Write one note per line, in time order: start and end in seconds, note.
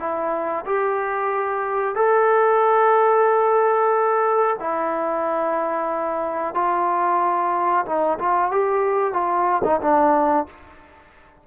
0.00 0.65 E4
0.66 1.96 G4
1.96 4.57 A4
4.60 6.55 E4
6.55 7.85 F4
7.86 8.18 D#4
8.19 8.52 F4
8.52 9.13 G4
9.13 9.62 F4
9.64 9.80 D#4
9.82 10.47 D4